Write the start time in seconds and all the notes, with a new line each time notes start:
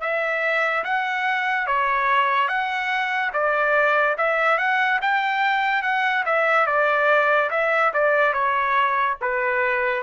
0.00 E5
0.84 F#5
1.67 C#5
2.48 F#5
3.33 D5
4.17 E5
4.58 F#5
5.01 G5
5.82 F#5
6.25 E5
6.66 D5
7.50 E5
7.93 D5
8.33 C#5
9.21 B4